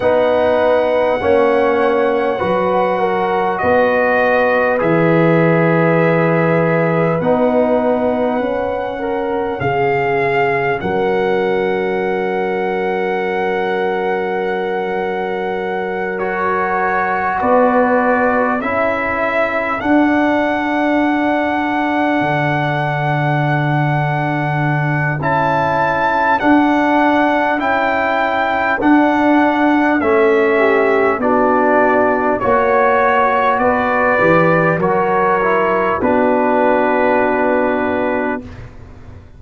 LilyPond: <<
  \new Staff \with { instrumentName = "trumpet" } { \time 4/4 \tempo 4 = 50 fis''2. dis''4 | e''2 fis''2 | f''4 fis''2.~ | fis''4. cis''4 d''4 e''8~ |
e''8 fis''2.~ fis''8~ | fis''4 a''4 fis''4 g''4 | fis''4 e''4 d''4 cis''4 | d''4 cis''4 b'2 | }
  \new Staff \with { instrumentName = "horn" } { \time 4/4 b'4 cis''4 b'8 ais'8 b'4~ | b'2.~ b'8 ais'8 | gis'4 ais'2.~ | ais'2~ ais'8 b'4 a'8~ |
a'1~ | a'1~ | a'4. g'8 fis'4 cis''4 | b'4 ais'4 fis'2 | }
  \new Staff \with { instrumentName = "trombone" } { \time 4/4 dis'4 cis'4 fis'2 | gis'2 dis'4 cis'4~ | cis'1~ | cis'4. fis'2 e'8~ |
e'8 d'2.~ d'8~ | d'4 e'4 d'4 e'4 | d'4 cis'4 d'4 fis'4~ | fis'8 g'8 fis'8 e'8 d'2 | }
  \new Staff \with { instrumentName = "tuba" } { \time 4/4 b4 ais4 fis4 b4 | e2 b4 cis'4 | cis4 fis2.~ | fis2~ fis8 b4 cis'8~ |
cis'8 d'2 d4.~ | d4 cis'4 d'4 cis'4 | d'4 a4 b4 ais4 | b8 e8 fis4 b2 | }
>>